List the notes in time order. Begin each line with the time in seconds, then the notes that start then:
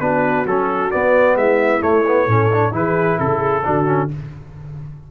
0.00 B3 D4 F#4 B4
0.45 F#3 C#4 A4
0.91 B3 D5
1.36 G#3 E4 E5
1.81 A3 C#5
2.07 B3
2.27 A2 C#4 A4
2.52 D4
2.72 E3 E4 G#4 B4
3.18 C#3 A4
3.38 G#4
3.64 D3 D4 F#4
3.85 C#4